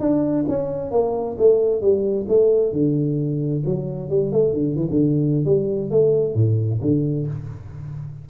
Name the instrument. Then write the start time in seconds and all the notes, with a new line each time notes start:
tuba
0.00 D4
0.49 C#4
0.92 A#3
1.39 A3
1.81 G3
2.29 A3
2.73 D3
3.66 F#3
4.10 G3
4.33 A3
4.54 D3
4.76 E3
4.90 D3
5.45 G3
5.91 A3
6.35 A2
6.82 D3